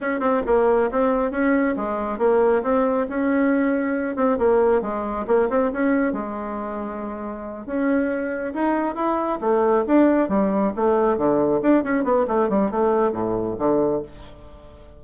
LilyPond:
\new Staff \with { instrumentName = "bassoon" } { \time 4/4 \tempo 4 = 137 cis'8 c'8 ais4 c'4 cis'4 | gis4 ais4 c'4 cis'4~ | cis'4. c'8 ais4 gis4 | ais8 c'8 cis'4 gis2~ |
gis4. cis'2 dis'8~ | dis'8 e'4 a4 d'4 g8~ | g8 a4 d4 d'8 cis'8 b8 | a8 g8 a4 a,4 d4 | }